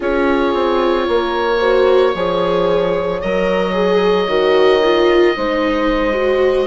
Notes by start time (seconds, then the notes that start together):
0.00 C#4 F4 G#4 C#5
0.54 C4
1.08 A#3 A#4
1.59 F#4 C5
2.14 F3 G#4 C#5
3.21 F#3 A#4 D#5
3.72 G#4
4.27 D#3 F#4
4.83 F4
5.36 G#3 D#4 C5
6.12 F#4